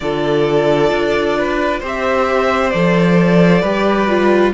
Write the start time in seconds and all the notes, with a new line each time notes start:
0.00 D3 F4 A4 D5
0.91 D4
1.38 B4
1.80 C4 G4 C5
1.87 E5
2.70 F3 A4 D5
3.61 G3 G4 B4
4.08 F4